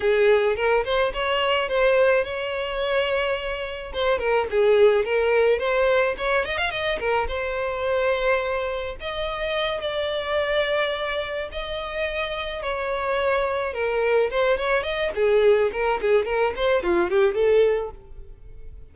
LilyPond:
\new Staff \with { instrumentName = "violin" } { \time 4/4 \tempo 4 = 107 gis'4 ais'8 c''8 cis''4 c''4 | cis''2. c''8 ais'8 | gis'4 ais'4 c''4 cis''8 dis''16 f''16 | dis''8 ais'8 c''2. |
dis''4. d''2~ d''8~ | d''8 dis''2 cis''4.~ | cis''8 ais'4 c''8 cis''8 dis''8 gis'4 | ais'8 gis'8 ais'8 c''8 f'8 g'8 a'4 | }